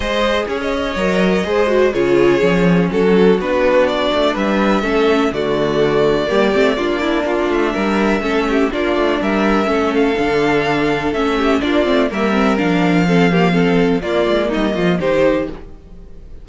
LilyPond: <<
  \new Staff \with { instrumentName = "violin" } { \time 4/4 \tempo 4 = 124 dis''4 gis'16 dis''2~ dis''8. | cis''2 a'4 b'4 | d''4 e''2 d''4~ | d''2.~ d''8 e''8~ |
e''2 d''4 e''4~ | e''8 f''2~ f''8 e''4 | d''4 e''4 f''2~ | f''4 d''4 dis''4 c''4 | }
  \new Staff \with { instrumentName = "violin" } { \time 4/4 c''4 cis''2 c''4 | gis'2 fis'2~ | fis'4 b'4 a'4 fis'4~ | fis'4 g'4 f'8 e'8 f'4 |
ais'4 a'8 g'8 f'4 ais'4 | a'2.~ a'8 g'8 | f'4 ais'2 a'8 g'8 | a'4 f'4 dis'8 f'8 g'4 | }
  \new Staff \with { instrumentName = "viola" } { \time 4/4 gis'2 ais'4 gis'8 fis'8 | f'4 cis'2 d'4~ | d'2 cis'4 a4~ | a4 ais8 c'8 d'2~ |
d'4 cis'4 d'2 | cis'4 d'2 cis'4 | d'8 c'8 ais8 c'8 d'4 c'8 ais8 | c'4 ais2 dis'4 | }
  \new Staff \with { instrumentName = "cello" } { \time 4/4 gis4 cis'4 fis4 gis4 | cis4 f4 fis4 b4~ | b8 a8 g4 a4 d4~ | d4 g8 a8 ais4. a8 |
g4 a4 ais8 a8 g4 | a4 d2 a4 | ais8 a8 g4 f2~ | f4 ais8 gis8 g8 f8 dis4 | }
>>